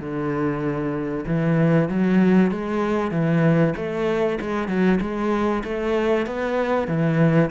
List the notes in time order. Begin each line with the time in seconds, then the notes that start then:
0.00 D3
1.26 E3
1.89 F#3
2.51 G#3
3.11 E3
3.76 A3
4.41 G#3
4.68 F#3
5.01 G#3
5.64 A3
6.26 B3
6.88 E3